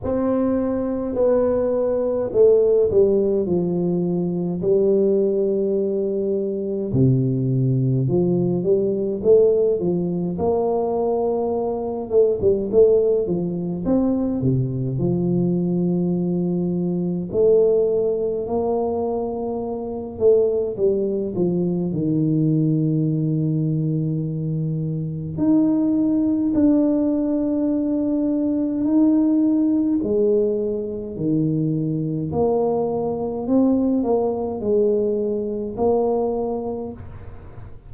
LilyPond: \new Staff \with { instrumentName = "tuba" } { \time 4/4 \tempo 4 = 52 c'4 b4 a8 g8 f4 | g2 c4 f8 g8 | a8 f8 ais4. a16 g16 a8 f8 | c'8 c8 f2 a4 |
ais4. a8 g8 f8 dis4~ | dis2 dis'4 d'4~ | d'4 dis'4 gis4 dis4 | ais4 c'8 ais8 gis4 ais4 | }